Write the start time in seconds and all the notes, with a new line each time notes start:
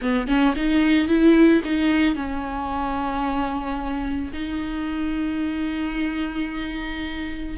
0.01 B3
0.27 C#4
0.56 D#4
1.08 E4
1.64 D#4
2.15 C#4
4.33 D#4